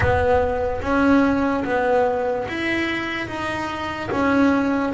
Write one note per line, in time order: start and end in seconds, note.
0.00 0.81 B3
0.81 1.64 C#4
1.64 2.46 B3
2.48 3.27 E4
3.27 4.09 D#4
4.11 4.93 C#4